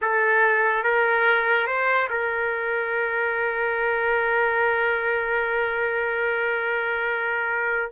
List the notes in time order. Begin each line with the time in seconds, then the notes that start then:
0.01 A4
0.83 A#4
1.66 C5
2.09 A#4